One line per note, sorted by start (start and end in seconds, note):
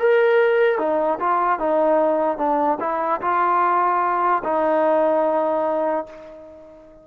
0.00 0.79 A#4
0.79 1.19 D#4
1.20 1.60 F4
1.60 2.38 D#4
2.38 2.79 D4
2.80 3.21 E4
3.22 4.43 F4
4.44 6.06 D#4